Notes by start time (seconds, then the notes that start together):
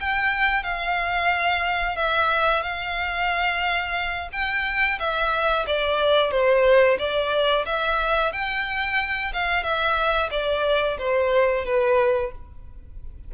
0.00 G5
0.63 F5
1.96 E5
2.62 F5
4.32 G5
4.99 E5
5.67 D5
6.31 C5
6.99 D5
7.66 E5
8.32 G5
9.33 F5
9.63 E5
10.31 D5
10.98 C5
11.65 B4